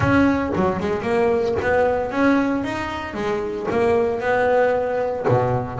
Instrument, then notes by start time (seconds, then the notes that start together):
double bass
0.00 C#4
0.55 F#3
0.80 G#3
1.02 A#3
1.62 B3
2.11 C#4
2.63 D#4
3.14 G#3
3.70 A#3
4.20 B3
5.28 B2